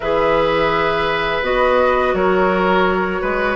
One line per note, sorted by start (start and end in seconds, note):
0.00 1.42 E3
0.00 1.42 G#4
0.00 2.14 B4
0.00 1.43 E5
1.42 2.13 B3
1.42 3.55 F#4
1.42 2.14 D#5
2.13 3.20 F#3
2.13 3.21 A#4
2.13 3.55 C#5
3.21 3.55 G#3
3.21 3.55 B4